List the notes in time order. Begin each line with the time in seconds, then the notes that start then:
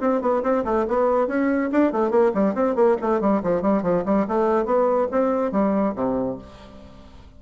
0.00 C4
0.21 B3
0.43 C4
0.65 A3
0.88 B3
1.27 C#4
1.72 D4
1.92 A3
2.11 A#3
2.34 G3
2.55 C4
2.75 A#3
3.01 A3
3.21 G3
3.43 F3
3.62 G3
3.83 F3
4.05 G3
4.28 A3
4.65 B3
5.11 C4
5.52 G3
5.96 C3